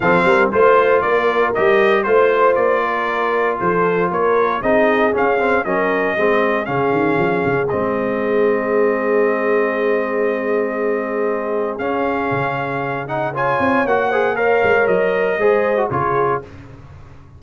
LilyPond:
<<
  \new Staff \with { instrumentName = "trumpet" } { \time 4/4 \tempo 4 = 117 f''4 c''4 d''4 dis''4 | c''4 d''2 c''4 | cis''4 dis''4 f''4 dis''4~ | dis''4 f''2 dis''4~ |
dis''1~ | dis''2. f''4~ | f''4. fis''8 gis''4 fis''4 | f''4 dis''2 cis''4 | }
  \new Staff \with { instrumentName = "horn" } { \time 4/4 a'8 ais'8 c''4 ais'2 | c''4. ais'4. a'4 | ais'4 gis'2 ais'4 | gis'1~ |
gis'1~ | gis'1~ | gis'2 cis''4. c''8 | cis''2 c''4 gis'4 | }
  \new Staff \with { instrumentName = "trombone" } { \time 4/4 c'4 f'2 g'4 | f'1~ | f'4 dis'4 cis'8 c'8 cis'4 | c'4 cis'2 c'4~ |
c'1~ | c'2. cis'4~ | cis'4. dis'8 f'4 fis'8 gis'8 | ais'2 gis'8. fis'16 f'4 | }
  \new Staff \with { instrumentName = "tuba" } { \time 4/4 f8 g8 a4 ais4 g4 | a4 ais2 f4 | ais4 c'4 cis'4 fis4 | gis4 cis8 dis8 f8 cis8 gis4~ |
gis1~ | gis2. cis'4 | cis2~ cis8 c'8 ais4~ | ais8 gis8 fis4 gis4 cis4 | }
>>